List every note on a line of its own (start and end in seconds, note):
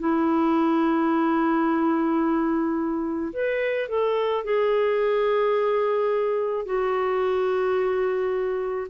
0.00 3.33 E4
3.33 3.89 B4
3.89 4.44 A4
4.44 6.66 G#4
6.66 8.88 F#4